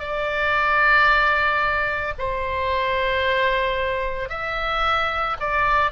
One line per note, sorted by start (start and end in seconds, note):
0.00 2.14 D5
2.19 4.30 C5
4.30 5.37 E5
5.40 5.92 D5